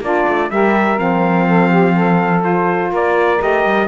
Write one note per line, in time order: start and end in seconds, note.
0.00 0.24 A#3
0.00 0.50 D4
0.00 0.51 F4
0.00 0.50 D5
0.29 0.50 A3
0.50 0.98 G3
0.50 0.96 G4
0.50 1.47 A#4
0.50 0.98 E5
0.96 2.91 F3
0.96 2.40 C4
0.96 2.43 F5
1.47 1.69 A4
1.69 1.93 G4
1.94 2.91 A4
2.40 3.37 F4
2.40 2.91 C5
2.91 3.39 A#3
2.91 3.87 A#4
2.91 3.42 D5
3.38 3.64 A3
3.38 3.87 G4
3.38 3.87 D#5
3.64 3.87 G3